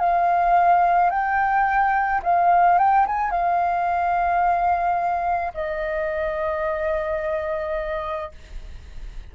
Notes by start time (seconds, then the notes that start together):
0.00 F5
1.11 G5
2.23 F5
2.79 G5
3.07 G#5
3.31 F5
5.54 D#5